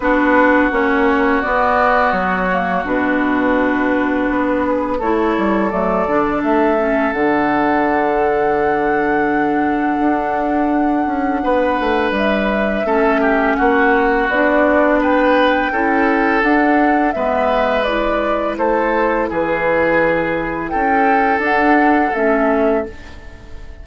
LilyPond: <<
  \new Staff \with { instrumentName = "flute" } { \time 4/4 \tempo 4 = 84 b'4 cis''4 d''4 cis''4 | b'2. cis''4 | d''4 e''4 fis''2~ | fis''1~ |
fis''4 e''2 fis''4 | d''4 g''2 fis''4 | e''4 d''4 c''4 b'4~ | b'4 g''4 fis''4 e''4 | }
  \new Staff \with { instrumentName = "oboe" } { \time 4/4 fis'1~ | fis'2~ fis'8 gis'8 a'4~ | a'1~ | a'1 |
b'2 a'8 g'8 fis'4~ | fis'4 b'4 a'2 | b'2 a'4 gis'4~ | gis'4 a'2. | }
  \new Staff \with { instrumentName = "clarinet" } { \time 4/4 d'4 cis'4 b4. ais8 | d'2. e'4 | a8 d'4 cis'8 d'2~ | d'1~ |
d'2 cis'2 | d'2 e'4 d'4 | b4 e'2.~ | e'2 d'4 cis'4 | }
  \new Staff \with { instrumentName = "bassoon" } { \time 4/4 b4 ais4 b4 fis4 | b,2 b4 a8 g8 | fis8 d8 a4 d2~ | d2 d'4. cis'8 |
b8 a8 g4 a4 ais4 | b2 cis'4 d'4 | gis2 a4 e4~ | e4 cis'4 d'4 a4 | }
>>